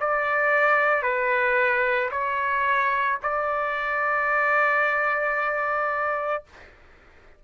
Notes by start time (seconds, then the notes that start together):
0.00 D5
1.03 B4
2.11 C#5
3.22 D5